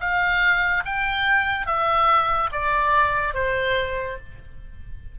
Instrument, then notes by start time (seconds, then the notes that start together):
oboe
0.00 F5
0.85 G5
1.66 E5
2.52 D5
3.34 C5